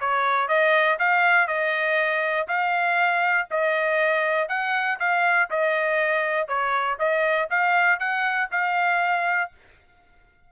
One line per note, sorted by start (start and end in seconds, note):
0.00 0.48 C#5
0.48 0.98 D#5
0.99 1.47 F5
1.47 2.47 D#5
2.48 3.48 F5
3.50 4.48 D#5
4.48 4.98 F#5
4.99 5.49 F5
5.50 6.47 D#5
6.47 6.97 C#5
6.99 7.49 D#5
7.50 7.99 F5
7.99 8.49 F#5
8.51 9.51 F5